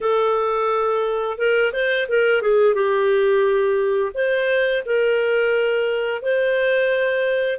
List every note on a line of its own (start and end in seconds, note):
0.01 1.38 A4
1.38 1.72 A#4
1.72 2.07 C5
2.08 2.41 A#4
2.41 2.74 G#4
2.74 4.12 G4
4.14 4.83 C5
4.85 6.22 A#4
6.22 7.59 C5